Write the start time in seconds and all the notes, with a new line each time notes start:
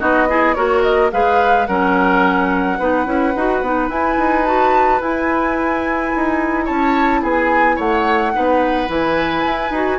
0.00 B3 D#4 F#4 D#5
0.30 E4 G#4
0.54 A#3 F#4 A#4 C#5
0.83 D#5
1.12 G#3 G#4 B4 F5
1.67 F#3 C#4 A#4 F#5
2.79 B3 D#4 B4
3.06 C#4 E4
3.36 D#4 F#4
3.62 B3 D#4
3.89 E4 G#5
4.18 D#4
4.45 F#4 A5
5.01 E4 G#5
6.17 D#4
6.65 C#4 C#5 A5
7.22 B3 G#4 G#5
7.77 A3 C#5 F#5
8.34 B3 D#4 B4
8.88 E3 E4 G#5
9.46 E4
9.71 D#4 F#4